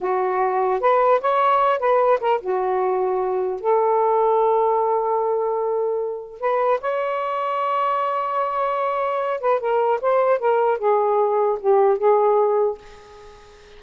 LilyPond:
\new Staff \with { instrumentName = "saxophone" } { \time 4/4 \tempo 4 = 150 fis'2 b'4 cis''4~ | cis''8 b'4 ais'8 fis'2~ | fis'4 a'2.~ | a'1 |
b'4 cis''2.~ | cis''2.~ cis''8 b'8 | ais'4 c''4 ais'4 gis'4~ | gis'4 g'4 gis'2 | }